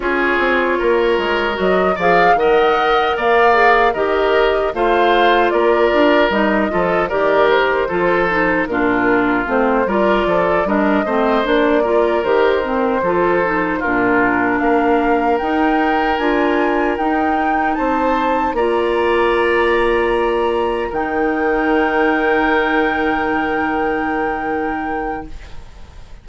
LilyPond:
<<
  \new Staff \with { instrumentName = "flute" } { \time 4/4 \tempo 4 = 76 cis''2 dis''8 f''8 fis''4 | f''4 dis''4 f''4 d''4 | dis''4 d''8 c''4. ais'4 | c''8 d''4 dis''4 d''4 c''8~ |
c''4. ais'4 f''4 g''8~ | g''8 gis''4 g''4 a''4 ais''8~ | ais''2~ ais''8 g''4.~ | g''1 | }
  \new Staff \with { instrumentName = "oboe" } { \time 4/4 gis'4 ais'4. d''8 dis''4 | d''4 ais'4 c''4 ais'4~ | ais'8 a'8 ais'4 a'4 f'4~ | f'8 ais'8 a'8 ais'8 c''4 ais'4~ |
ais'8 a'4 f'4 ais'4.~ | ais'2~ ais'8 c''4 d''8~ | d''2~ d''8 ais'4.~ | ais'1 | }
  \new Staff \with { instrumentName = "clarinet" } { \time 4/4 f'2 fis'8 gis'8 ais'4~ | ais'8 gis'8 g'4 f'2 | dis'8 f'8 g'4 f'8 dis'8 d'4 | c'8 f'4 d'8 c'8 d'8 f'8 g'8 |
c'8 f'8 dis'8 d'2 dis'8~ | dis'8 f'4 dis'2 f'8~ | f'2~ f'8 dis'4.~ | dis'1 | }
  \new Staff \with { instrumentName = "bassoon" } { \time 4/4 cis'8 c'8 ais8 gis8 fis8 f8 dis4 | ais4 dis4 a4 ais8 d'8 | g8 f8 dis4 f4 ais,4 | a8 g8 f8 g8 a8 ais4 dis8~ |
dis8 f4 ais,4 ais4 dis'8~ | dis'8 d'4 dis'4 c'4 ais8~ | ais2~ ais8 dis4.~ | dis1 | }
>>